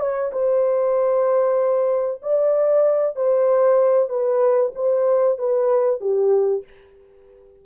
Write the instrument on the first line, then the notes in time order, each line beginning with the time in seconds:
horn
0.00 C#5
0.32 C5
2.22 D5
3.16 C5
4.09 B4
4.75 C5
5.39 B4
6.01 G4